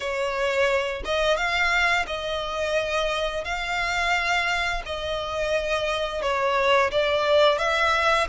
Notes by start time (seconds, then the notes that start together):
0.00 C#5
1.04 D#5
1.36 F5
2.06 D#5
3.44 F5
4.85 D#5
6.21 C#5
6.91 D5
7.58 E5